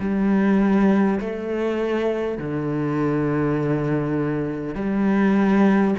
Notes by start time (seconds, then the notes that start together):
0.00 G3
1.21 A3
2.39 D3
4.75 G3